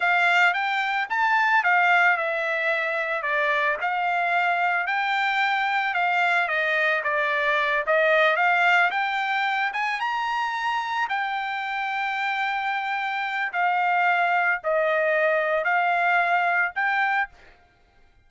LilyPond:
\new Staff \with { instrumentName = "trumpet" } { \time 4/4 \tempo 4 = 111 f''4 g''4 a''4 f''4 | e''2 d''4 f''4~ | f''4 g''2 f''4 | dis''4 d''4. dis''4 f''8~ |
f''8 g''4. gis''8 ais''4.~ | ais''8 g''2.~ g''8~ | g''4 f''2 dis''4~ | dis''4 f''2 g''4 | }